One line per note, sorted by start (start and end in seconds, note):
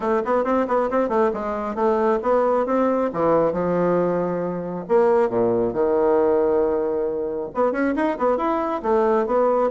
0.00 0.22 A3
0.24 0.44 B3
0.44 0.66 C4
0.67 0.89 B3
0.90 1.08 C4
1.08 1.31 A3
1.33 1.75 G#3
1.75 2.19 A3
2.22 2.66 B3
2.66 3.10 C4
3.13 3.52 E3
3.52 4.84 F3
4.88 5.29 A#3
5.29 5.73 A#2
5.73 7.49 D#3
7.54 7.72 B3
7.72 7.94 C#4
7.95 8.17 D#4
8.18 8.37 B3
8.37 8.81 E4
8.82 9.26 A3
9.26 9.70 B3